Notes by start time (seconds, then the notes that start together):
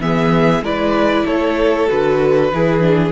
0.00 E3 B3 G#4 E5
0.62 G#3 E4 B4 D5
1.26 A3 A4 C#5
1.88 D3 F#4 B4
2.53 E3 E4 G#4
2.81 D4